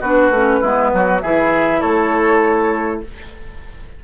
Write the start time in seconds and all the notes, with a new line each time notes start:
0.00 B3 D4 F#4 B4
0.30 A3 C#4
0.60 G#3 B3 E4
0.93 F#3 F#4
1.21 E3 E4 G#4 E5
1.80 A3 A4 C#5